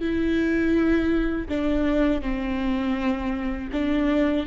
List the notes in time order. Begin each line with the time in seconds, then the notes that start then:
0.00 E4
1.48 D4
2.22 C4
3.73 D4